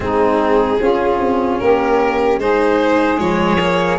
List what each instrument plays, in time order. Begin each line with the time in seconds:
0.00 tuba G#3, cello C4, saxophone D#4, violin G#4
0.80 tuba C#4, cello C#4, saxophone F4
1.19 tuba C4
1.59 tuba A#3, saxophone G4, violin A#4
2.38 tuba G#3, cello D#4, saxophone G#4, violin C5
3.17 tuba F3, cello G#3, violin C#5
3.60 cello A#3